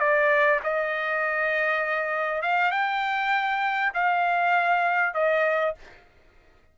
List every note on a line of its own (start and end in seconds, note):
0.00 0.61 D5
0.64 2.43 D#5
2.43 2.72 F5
2.72 3.93 G5
3.94 5.15 F5
5.15 5.75 D#5